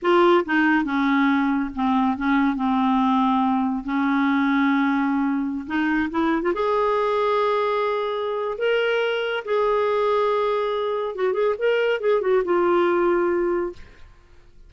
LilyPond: \new Staff \with { instrumentName = "clarinet" } { \time 4/4 \tempo 4 = 140 f'4 dis'4 cis'2 | c'4 cis'4 c'2~ | c'4 cis'2.~ | cis'4~ cis'16 dis'4 e'8. f'16 gis'8.~ |
gis'1 | ais'2 gis'2~ | gis'2 fis'8 gis'8 ais'4 | gis'8 fis'8 f'2. | }